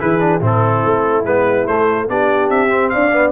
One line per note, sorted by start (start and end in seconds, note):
0.00 0.41 E3
0.00 0.20 E4
0.00 0.41 G#4
0.00 0.43 B4
0.20 0.41 D4
0.41 0.83 A2
0.41 1.24 C4
0.41 2.07 E4
0.41 1.25 A4
0.85 1.24 A3
1.24 1.66 G#3
1.24 1.68 B3
1.24 1.67 B4
1.67 2.09 A3
1.67 2.09 C5
2.09 2.50 B3
2.09 2.69 D4
2.09 2.94 G4
2.09 2.50 D5
2.50 2.92 C4
2.50 2.90 E5
2.69 3.11 C4
2.90 3.32 D4
2.90 3.32 D5
2.90 3.32 F5
3.13 3.32 B3